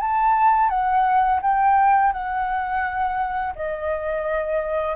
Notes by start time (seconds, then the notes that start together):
0.00 A5
0.69 F#5
1.41 G5
2.12 F#5
3.55 D#5